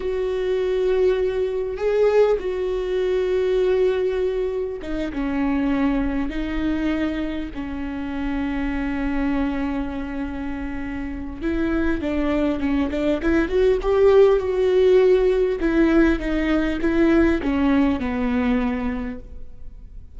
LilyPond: \new Staff \with { instrumentName = "viola" } { \time 4/4 \tempo 4 = 100 fis'2. gis'4 | fis'1 | dis'8 cis'2 dis'4.~ | dis'8 cis'2.~ cis'8~ |
cis'2. e'4 | d'4 cis'8 d'8 e'8 fis'8 g'4 | fis'2 e'4 dis'4 | e'4 cis'4 b2 | }